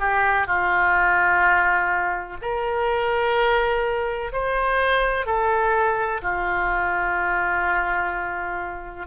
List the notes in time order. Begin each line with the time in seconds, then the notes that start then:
0.00 G4
0.47 F4
2.42 A#4
4.33 C5
5.26 A4
6.22 F4